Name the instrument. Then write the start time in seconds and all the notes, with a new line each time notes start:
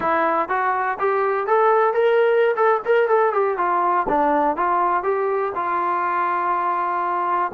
trombone
0.00 E4
0.49 F#4
0.99 G4
1.46 A4
1.93 A#4
2.56 A4
2.85 A#4
3.08 A4
3.33 G4
3.57 F4
4.08 D4
4.56 F4
5.03 G4
5.55 F4